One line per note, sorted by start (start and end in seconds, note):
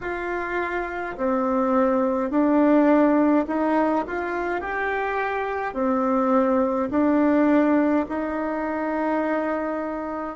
0.01 1.16 F4
1.17 2.30 C4
2.30 3.45 D4
3.47 4.04 D#4
4.07 4.60 F4
4.60 5.74 G4
5.74 6.89 C4
6.90 8.05 D4
8.08 10.36 D#4